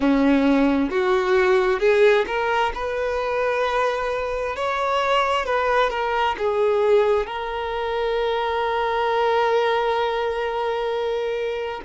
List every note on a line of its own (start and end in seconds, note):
0.00 0.90 C#4
0.90 1.79 F#4
1.79 2.25 G#4
2.26 2.72 A#4
2.74 4.56 B4
4.56 5.45 C#5
5.45 5.90 B4
5.90 6.35 A#4
6.38 7.26 G#4
7.26 11.81 A#4